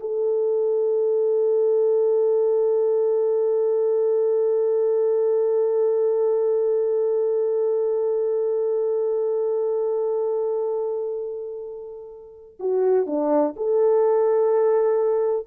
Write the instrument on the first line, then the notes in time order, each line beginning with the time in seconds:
horn
0.00 A4
12.59 F#4
13.06 D4
13.57 A4